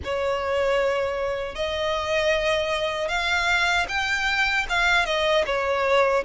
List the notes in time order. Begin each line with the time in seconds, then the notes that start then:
0.04 C#5
1.55 D#5
3.08 F5
3.88 G5
4.69 F5
5.05 D#5
5.45 C#5